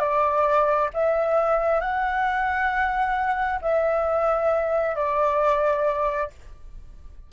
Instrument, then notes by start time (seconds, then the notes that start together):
flute
0.00 D5
0.94 E5
1.81 F#5
3.62 E5
4.96 D5